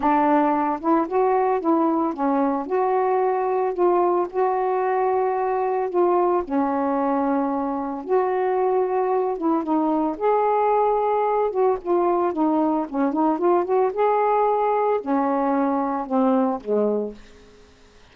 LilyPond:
\new Staff \with { instrumentName = "saxophone" } { \time 4/4 \tempo 4 = 112 d'4. e'8 fis'4 e'4 | cis'4 fis'2 f'4 | fis'2. f'4 | cis'2. fis'4~ |
fis'4. e'8 dis'4 gis'4~ | gis'4. fis'8 f'4 dis'4 | cis'8 dis'8 f'8 fis'8 gis'2 | cis'2 c'4 gis4 | }